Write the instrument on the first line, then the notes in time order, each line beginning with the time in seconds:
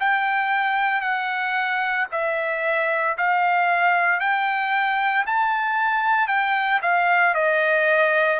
trumpet
0.00 G5
1.01 F#5
2.12 E5
3.18 F5
4.20 G5
5.27 A5
6.28 G5
6.82 F5
7.35 D#5